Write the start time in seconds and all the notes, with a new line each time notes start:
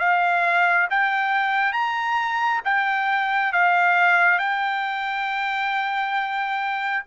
0.00 F5
0.91 G5
1.73 A#5
2.65 G5
3.53 F5
4.39 G5